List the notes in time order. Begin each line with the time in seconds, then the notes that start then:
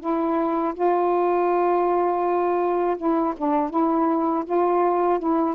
0.00 E4
0.74 F4
2.97 E4
3.37 D4
3.70 E4
4.45 F4
5.19 E4